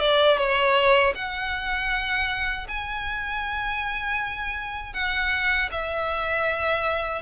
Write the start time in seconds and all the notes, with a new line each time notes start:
0.00 D5
0.38 C#5
1.15 F#5
2.69 G#5
4.94 F#5
5.72 E5